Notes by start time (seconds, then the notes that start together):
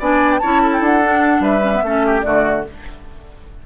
0.00 B3 D4 D5 G#5
0.33 G5
0.39 C#4 E4 C#5 A5
0.63 A4
0.73 G5
0.81 D4 F#5
1.04 D4
1.40 G3 B4 E5
1.63 C#4
1.75 B3
1.83 A3 C#4 A4
2.07 G4
2.22 D3 A3 F#4 D5